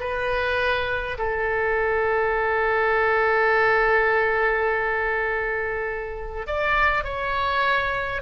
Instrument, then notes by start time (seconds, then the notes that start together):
oboe
0.00 B4
1.18 A4
6.47 D5
7.04 C#5